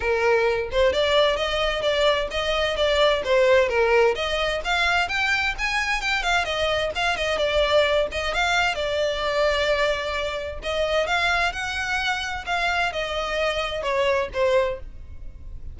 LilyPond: \new Staff \with { instrumentName = "violin" } { \time 4/4 \tempo 4 = 130 ais'4. c''8 d''4 dis''4 | d''4 dis''4 d''4 c''4 | ais'4 dis''4 f''4 g''4 | gis''4 g''8 f''8 dis''4 f''8 dis''8 |
d''4. dis''8 f''4 d''4~ | d''2. dis''4 | f''4 fis''2 f''4 | dis''2 cis''4 c''4 | }